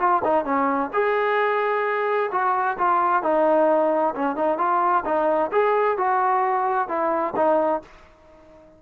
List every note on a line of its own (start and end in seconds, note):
0.00 0.23 F4
0.24 0.45 D#4
0.45 0.91 C#4
0.93 2.31 G#4
2.32 2.78 F#4
2.78 3.23 F4
3.23 4.15 D#4
4.16 4.36 C#4
4.36 4.58 D#4
4.58 5.04 F4
5.05 5.51 D#4
5.52 5.98 G#4
5.98 6.89 F#4
6.89 7.34 E4
7.37 7.82 D#4